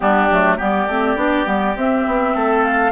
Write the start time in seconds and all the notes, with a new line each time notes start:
0.00 G3 B3 D4 G4
0.30 F#3 A3
0.57 G3 B3 G4 D5
0.87 A3 C4
1.16 B3 D4
1.45 G3 B3
1.75 C4 E5
2.06 B3
2.35 A3 A4
2.63 F5